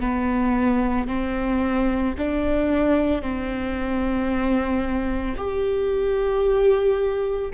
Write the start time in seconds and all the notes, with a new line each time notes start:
0.00 B3
1.07 C4
2.18 D4
3.21 C4
5.37 G4